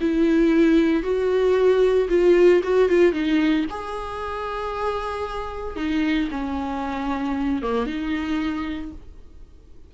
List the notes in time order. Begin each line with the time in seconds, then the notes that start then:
0.00 E4
1.03 F#4
2.09 F4
2.63 F#4
2.89 F4
3.12 D#4
3.70 G#4
5.76 D#4
6.31 C#4
7.62 A#3
7.86 D#4